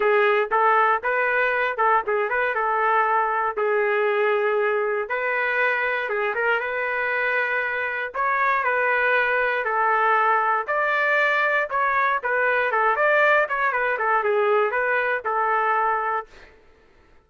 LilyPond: \new Staff \with { instrumentName = "trumpet" } { \time 4/4 \tempo 4 = 118 gis'4 a'4 b'4. a'8 | gis'8 b'8 a'2 gis'4~ | gis'2 b'2 | gis'8 ais'8 b'2. |
cis''4 b'2 a'4~ | a'4 d''2 cis''4 | b'4 a'8 d''4 cis''8 b'8 a'8 | gis'4 b'4 a'2 | }